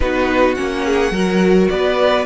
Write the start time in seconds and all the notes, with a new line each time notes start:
0.00 B3 D#4 F#4 B4
0.55 A#3 C#4 F#5
0.84 G#4
1.11 F#3 F#4 A#4
1.69 B3 B4 D5